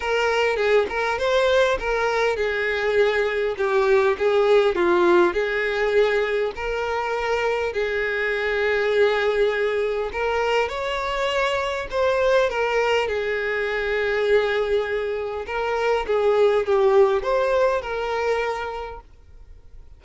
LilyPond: \new Staff \with { instrumentName = "violin" } { \time 4/4 \tempo 4 = 101 ais'4 gis'8 ais'8 c''4 ais'4 | gis'2 g'4 gis'4 | f'4 gis'2 ais'4~ | ais'4 gis'2.~ |
gis'4 ais'4 cis''2 | c''4 ais'4 gis'2~ | gis'2 ais'4 gis'4 | g'4 c''4 ais'2 | }